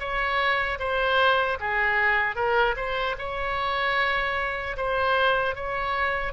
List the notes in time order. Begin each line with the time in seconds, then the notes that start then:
0.00 C#5
0.80 C5
1.60 G#4
2.36 A#4
2.77 C5
3.19 C#5
4.77 C5
5.56 C#5